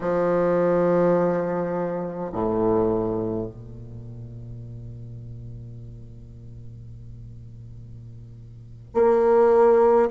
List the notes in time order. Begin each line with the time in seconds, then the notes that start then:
0.00 F3
2.32 A2
3.46 A#2
8.94 A#3